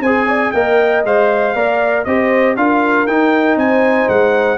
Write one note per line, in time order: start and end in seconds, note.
0.00 0.51 C4
0.00 0.27 C5
0.00 0.51 G#5
0.06 0.54 G#4
0.27 0.52 D5
0.51 1.04 A#3
0.51 1.05 A#4
0.51 1.55 D#5
0.51 1.02 G5
1.04 1.55 G#3
1.04 1.55 C5
1.04 2.04 F5
1.55 2.06 A#3
1.55 2.06 A#4
1.55 2.06 D5
2.04 2.56 C4
2.04 2.57 G4
2.04 2.57 C5
2.04 2.55 D#5
2.56 3.07 D4
2.56 3.07 F4
2.56 3.60 A#4
2.56 3.06 F5
3.06 3.56 D#4
3.06 4.58 D#4
3.06 3.57 G5
3.56 4.07 C4
3.56 4.58 C5
3.56 4.08 G#5
4.08 4.58 G#3
4.08 4.58 F#5